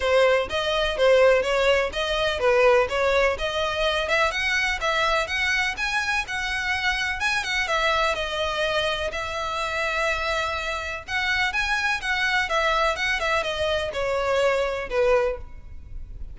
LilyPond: \new Staff \with { instrumentName = "violin" } { \time 4/4 \tempo 4 = 125 c''4 dis''4 c''4 cis''4 | dis''4 b'4 cis''4 dis''4~ | dis''8 e''8 fis''4 e''4 fis''4 | gis''4 fis''2 gis''8 fis''8 |
e''4 dis''2 e''4~ | e''2. fis''4 | gis''4 fis''4 e''4 fis''8 e''8 | dis''4 cis''2 b'4 | }